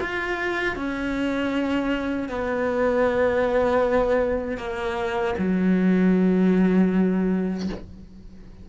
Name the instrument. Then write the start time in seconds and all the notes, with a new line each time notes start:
cello
0.00 F4
0.76 C#4
2.28 B3
4.57 A#3
5.38 F#3